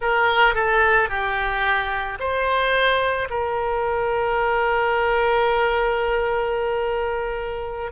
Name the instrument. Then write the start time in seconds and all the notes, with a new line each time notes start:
oboe
0.00 A#4
0.54 A4
1.09 G4
2.19 C5
3.30 A#4